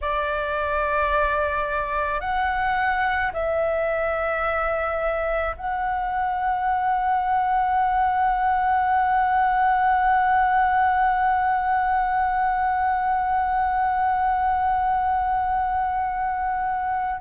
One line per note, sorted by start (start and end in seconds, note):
0.01 2.20 D5
2.20 3.31 F#5
3.33 5.55 E5
5.57 17.20 F#5